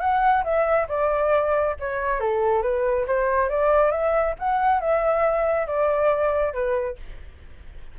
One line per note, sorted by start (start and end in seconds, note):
0.00 0.43 F#5
0.44 0.87 E5
0.88 1.75 D5
1.79 2.20 C#5
2.20 2.62 A4
2.62 3.06 B4
3.07 3.49 C5
3.49 3.91 D5
3.91 4.35 E5
4.39 4.80 F#5
4.80 5.67 E5
5.67 6.53 D5
6.53 6.97 B4